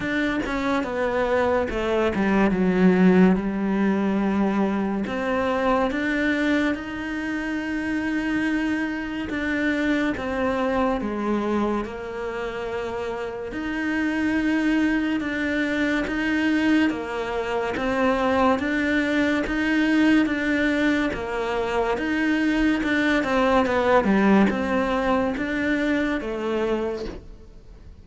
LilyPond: \new Staff \with { instrumentName = "cello" } { \time 4/4 \tempo 4 = 71 d'8 cis'8 b4 a8 g8 fis4 | g2 c'4 d'4 | dis'2. d'4 | c'4 gis4 ais2 |
dis'2 d'4 dis'4 | ais4 c'4 d'4 dis'4 | d'4 ais4 dis'4 d'8 c'8 | b8 g8 c'4 d'4 a4 | }